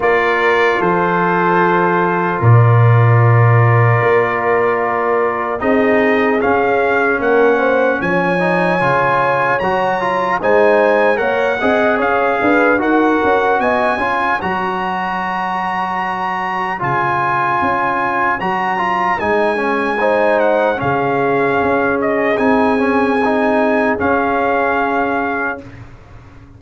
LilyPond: <<
  \new Staff \with { instrumentName = "trumpet" } { \time 4/4 \tempo 4 = 75 d''4 c''2 d''4~ | d''2. dis''4 | f''4 fis''4 gis''2 | ais''4 gis''4 fis''4 f''4 |
fis''4 gis''4 ais''2~ | ais''4 gis''2 ais''4 | gis''4. fis''8 f''4. dis''8 | gis''2 f''2 | }
  \new Staff \with { instrumentName = "horn" } { \time 4/4 ais'4 a'2 ais'4~ | ais'2. gis'4~ | gis'4 ais'8 c''8 cis''2~ | cis''4 c''4 cis''8 dis''8 cis''8 b'8 |
ais'4 dis''8 cis''2~ cis''8~ | cis''1~ | cis''4 c''4 gis'2~ | gis'1 | }
  \new Staff \with { instrumentName = "trombone" } { \time 4/4 f'1~ | f'2. dis'4 | cis'2~ cis'8 dis'8 f'4 | fis'8 f'8 dis'4 ais'8 gis'4. |
fis'4. f'8 fis'2~ | fis'4 f'2 fis'8 f'8 | dis'8 cis'8 dis'4 cis'2 | dis'8 cis'8 dis'4 cis'2 | }
  \new Staff \with { instrumentName = "tuba" } { \time 4/4 ais4 f2 ais,4~ | ais,4 ais2 c'4 | cis'4 ais4 f4 cis4 | fis4 gis4 ais8 c'8 cis'8 d'8 |
dis'8 cis'8 b8 cis'8 fis2~ | fis4 cis4 cis'4 fis4 | gis2 cis4 cis'4 | c'2 cis'2 | }
>>